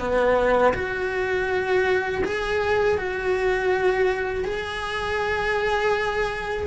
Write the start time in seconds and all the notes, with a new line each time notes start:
0.00 B3
0.74 F#4
2.25 G#4
2.98 F#4
4.45 G#4